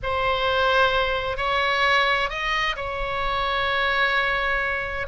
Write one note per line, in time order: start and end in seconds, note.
0.02 1.37 C5
1.37 2.29 C#5
2.29 2.75 D#5
2.76 5.06 C#5